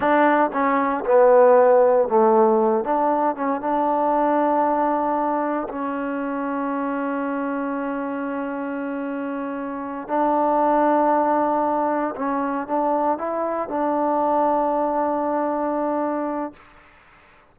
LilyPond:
\new Staff \with { instrumentName = "trombone" } { \time 4/4 \tempo 4 = 116 d'4 cis'4 b2 | a4. d'4 cis'8 d'4~ | d'2. cis'4~ | cis'1~ |
cis'2.~ cis'8 d'8~ | d'2.~ d'8 cis'8~ | cis'8 d'4 e'4 d'4.~ | d'1 | }